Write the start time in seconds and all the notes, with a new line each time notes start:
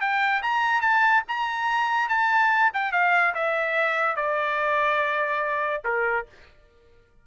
0.00 G5
0.42 A#5
0.81 A5
1.28 A#5
2.09 A5
2.73 G5
2.92 F5
3.34 E5
4.16 D5
5.84 A#4